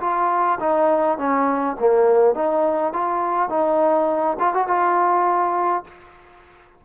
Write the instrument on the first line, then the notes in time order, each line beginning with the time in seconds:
trombone
0.00 F4
0.60 D#4
1.18 C#4
1.80 A#3
2.34 D#4
2.93 F4
3.49 D#4
4.39 F4
4.54 F#4
4.67 F4